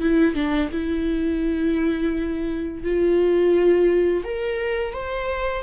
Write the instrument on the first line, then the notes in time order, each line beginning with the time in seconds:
viola
0.00 E4
0.34 D4
0.72 E4
2.83 F4
4.24 A#4
4.93 C5